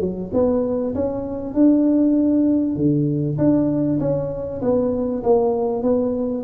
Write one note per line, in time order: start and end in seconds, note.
0.00 0.31 F#3
0.33 0.94 B3
0.95 1.54 C#4
1.54 2.76 D4
2.76 3.37 D3
3.38 3.99 D4
4.00 4.61 C#4
4.61 5.23 B3
5.23 5.83 A#3
5.83 6.44 B3